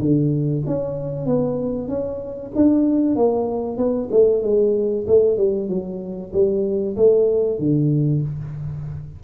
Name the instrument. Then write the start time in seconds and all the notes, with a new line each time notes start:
tuba
0.00 D3
0.67 C#4
1.26 B3
1.89 C#4
2.56 D4
3.16 A#3
3.77 B3
4.11 A3
4.43 G#3
5.07 A3
5.37 G3
5.69 F#3
6.33 G3
6.97 A3
7.59 D3